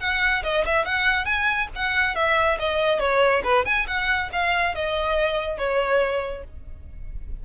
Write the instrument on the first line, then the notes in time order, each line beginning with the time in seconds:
violin
0.00 F#5
0.43 D#5
0.66 E5
0.85 F#5
1.25 G#5
1.76 F#5
2.15 E5
2.59 D#5
3.00 C#5
3.44 B4
3.65 G#5
3.87 F#5
4.32 F5
4.75 D#5
5.58 C#5